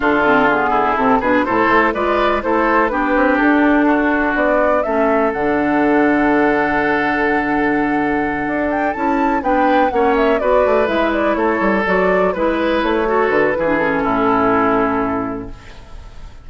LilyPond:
<<
  \new Staff \with { instrumentName = "flute" } { \time 4/4 \tempo 4 = 124 a'4 gis'4 a'8 b'8 c''4 | d''4 c''4 b'4 a'4~ | a'4 d''4 e''4 fis''4~ | fis''1~ |
fis''2 g''8 a''4 g''8~ | g''8 fis''8 e''8 d''4 e''8 d''8 cis''8~ | cis''8 d''4 b'4 cis''4 b'8~ | b'8 a'2.~ a'8 | }
  \new Staff \with { instrumentName = "oboe" } { \time 4/4 f'4. e'4 gis'8 a'4 | b'4 a'4 g'2 | fis'2 a'2~ | a'1~ |
a'2.~ a'8 b'8~ | b'8 cis''4 b'2 a'8~ | a'4. b'4. a'4 | gis'4 e'2. | }
  \new Staff \with { instrumentName = "clarinet" } { \time 4/4 d'8 c'8 b4 c'8 d'8 e'4 | f'4 e'4 d'2~ | d'2 cis'4 d'4~ | d'1~ |
d'2~ d'8 e'4 d'8~ | d'8 cis'4 fis'4 e'4.~ | e'8 fis'4 e'4. fis'4 | e'16 d'16 cis'2.~ cis'8 | }
  \new Staff \with { instrumentName = "bassoon" } { \time 4/4 d2 c8 b,8 a,8 a8 | gis4 a4 b8 c'8 d'4~ | d'4 b4 a4 d4~ | d1~ |
d4. d'4 cis'4 b8~ | b8 ais4 b8 a8 gis4 a8 | g8 fis4 gis4 a4 d8 | e4 a,2. | }
>>